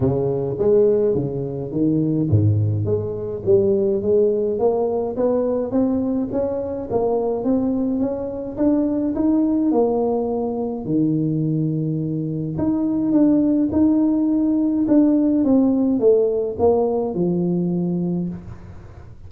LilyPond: \new Staff \with { instrumentName = "tuba" } { \time 4/4 \tempo 4 = 105 cis4 gis4 cis4 dis4 | gis,4 gis4 g4 gis4 | ais4 b4 c'4 cis'4 | ais4 c'4 cis'4 d'4 |
dis'4 ais2 dis4~ | dis2 dis'4 d'4 | dis'2 d'4 c'4 | a4 ais4 f2 | }